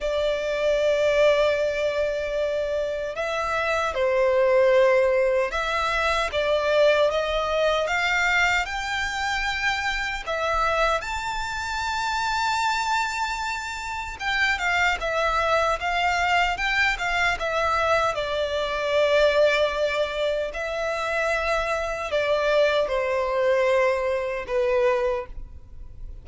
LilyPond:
\new Staff \with { instrumentName = "violin" } { \time 4/4 \tempo 4 = 76 d''1 | e''4 c''2 e''4 | d''4 dis''4 f''4 g''4~ | g''4 e''4 a''2~ |
a''2 g''8 f''8 e''4 | f''4 g''8 f''8 e''4 d''4~ | d''2 e''2 | d''4 c''2 b'4 | }